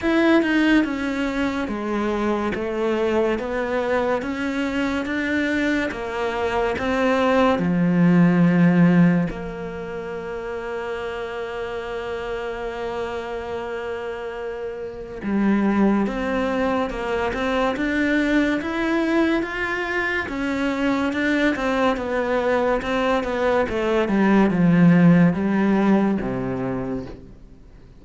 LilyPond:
\new Staff \with { instrumentName = "cello" } { \time 4/4 \tempo 4 = 71 e'8 dis'8 cis'4 gis4 a4 | b4 cis'4 d'4 ais4 | c'4 f2 ais4~ | ais1~ |
ais2 g4 c'4 | ais8 c'8 d'4 e'4 f'4 | cis'4 d'8 c'8 b4 c'8 b8 | a8 g8 f4 g4 c4 | }